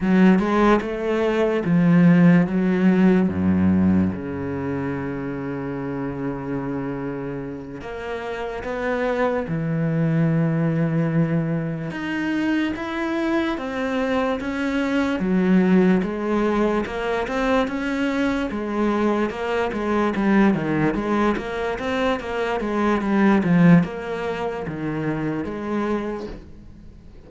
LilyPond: \new Staff \with { instrumentName = "cello" } { \time 4/4 \tempo 4 = 73 fis8 gis8 a4 f4 fis4 | fis,4 cis2.~ | cis4. ais4 b4 e8~ | e2~ e8 dis'4 e'8~ |
e'8 c'4 cis'4 fis4 gis8~ | gis8 ais8 c'8 cis'4 gis4 ais8 | gis8 g8 dis8 gis8 ais8 c'8 ais8 gis8 | g8 f8 ais4 dis4 gis4 | }